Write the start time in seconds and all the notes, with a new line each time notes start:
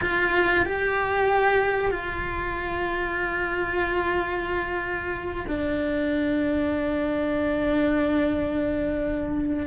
0.01 F4
0.65 G4
1.90 F4
5.48 D4